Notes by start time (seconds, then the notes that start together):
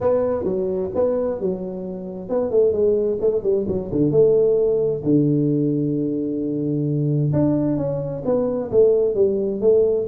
0.00 B3
0.44 F#3
0.94 B3
1.40 F#3
2.29 B3
2.51 A3
2.72 G#3
3.20 A3
3.43 G3
3.67 F#3
3.91 D3
4.11 A3
5.03 D3
7.32 D4
7.77 C#4
8.25 B3
8.71 A3
9.14 G3
9.61 A3